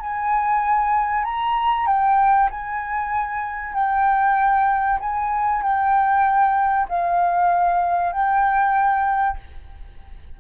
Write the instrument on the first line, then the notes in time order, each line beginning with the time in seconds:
flute
0.00 G#5
1.24 A#5
1.87 G5
2.51 G#5
3.74 G5
5.00 G#5
5.62 G5
6.89 F5
8.12 G5